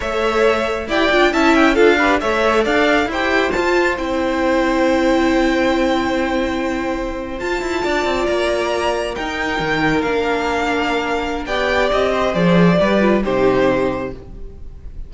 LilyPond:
<<
  \new Staff \with { instrumentName = "violin" } { \time 4/4 \tempo 4 = 136 e''2 g''4 a''8 g''8 | f''4 e''4 f''4 g''4 | a''4 g''2.~ | g''1~ |
g''8. a''2 ais''4~ ais''16~ | ais''8. g''2 f''4~ f''16~ | f''2 g''4 dis''4 | d''2 c''2 | }
  \new Staff \with { instrumentName = "violin" } { \time 4/4 cis''2 d''4 e''4 | a'8 b'8 cis''4 d''4 c''4~ | c''1~ | c''1~ |
c''4.~ c''16 d''2~ d''16~ | d''8. ais'2.~ ais'16~ | ais'2 d''4. c''8~ | c''4 b'4 g'2 | }
  \new Staff \with { instrumentName = "viola" } { \time 4/4 a'2 g'8 f'8 e'4 | f'8 g'8 a'2 g'4 | f'4 e'2.~ | e'1~ |
e'8. f'2.~ f'16~ | f'8. dis'2 d'4~ d'16~ | d'2 g'2 | gis'4 g'8 f'8 dis'2 | }
  \new Staff \with { instrumentName = "cello" } { \time 4/4 a2 e'8 d'8 cis'4 | d'4 a4 d'4 e'4 | f'4 c'2.~ | c'1~ |
c'8. f'8 e'8 d'8 c'8 ais4~ ais16~ | ais8. dis'4 dis4 ais4~ ais16~ | ais2 b4 c'4 | f4 g4 c2 | }
>>